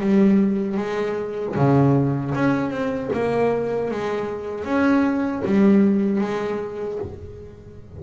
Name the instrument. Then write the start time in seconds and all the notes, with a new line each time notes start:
double bass
0.00 G3
0.77 G#3
1.55 C#3
2.34 C#4
2.70 C4
3.13 A#3
3.90 G#3
4.64 C#4
5.44 G3
6.20 G#3